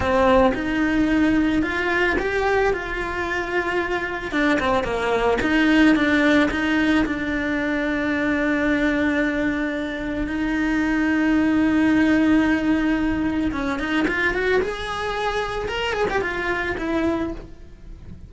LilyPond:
\new Staff \with { instrumentName = "cello" } { \time 4/4 \tempo 4 = 111 c'4 dis'2 f'4 | g'4 f'2. | d'8 c'8 ais4 dis'4 d'4 | dis'4 d'2.~ |
d'2. dis'4~ | dis'1~ | dis'4 cis'8 dis'8 f'8 fis'8 gis'4~ | gis'4 ais'8 gis'16 g'16 f'4 e'4 | }